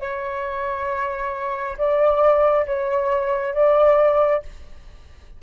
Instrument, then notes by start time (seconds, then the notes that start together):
flute
0.00 C#5
1.77 D5
2.66 C#5
3.54 D5